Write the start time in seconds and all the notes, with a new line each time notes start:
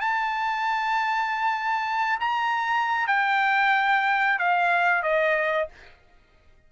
0.00 A5
2.20 A#5
3.07 G5
4.39 F5
5.02 D#5